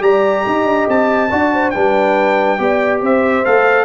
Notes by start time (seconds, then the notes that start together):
0.00 G3 G4 D5 A#5
0.46 D#4 D#5
0.64 D4
0.88 C4 A5
1.31 D4 F#4 D5
1.53 C5
1.71 G3 D4 B4 G5
2.58 B3 G4 D5
3.01 C4 C5 E5
3.45 A3 A4 F5